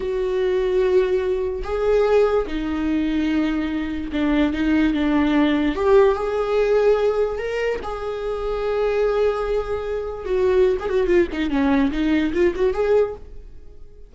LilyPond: \new Staff \with { instrumentName = "viola" } { \time 4/4 \tempo 4 = 146 fis'1 | gis'2 dis'2~ | dis'2 d'4 dis'4 | d'2 g'4 gis'4~ |
gis'2 ais'4 gis'4~ | gis'1~ | gis'4 fis'4~ fis'16 gis'16 fis'8 f'8 dis'8 | cis'4 dis'4 f'8 fis'8 gis'4 | }